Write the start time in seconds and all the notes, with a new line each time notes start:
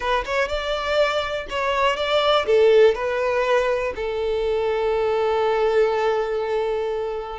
0.00 B4
0.25 C#5
0.48 D5
1.49 C#5
1.96 D5
2.45 A4
2.94 B4
3.95 A4